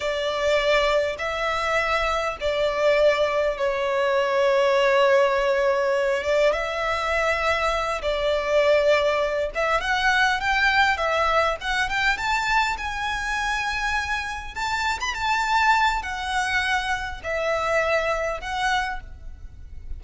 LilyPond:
\new Staff \with { instrumentName = "violin" } { \time 4/4 \tempo 4 = 101 d''2 e''2 | d''2 cis''2~ | cis''2~ cis''8 d''8 e''4~ | e''4. d''2~ d''8 |
e''8 fis''4 g''4 e''4 fis''8 | g''8 a''4 gis''2~ gis''8~ | gis''8 a''8. b''16 a''4. fis''4~ | fis''4 e''2 fis''4 | }